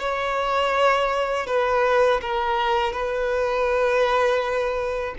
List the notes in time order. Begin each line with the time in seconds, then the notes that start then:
0.00 C#5
1.47 B4
2.22 A#4
2.93 B4